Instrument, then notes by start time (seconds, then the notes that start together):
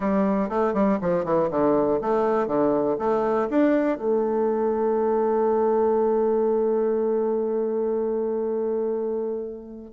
bassoon
0.00 G3
0.49 A3
0.73 G3
1.01 F3
1.25 E3
1.50 D3
2.01 A3
2.47 D3
2.98 A3
3.50 D4
3.97 A3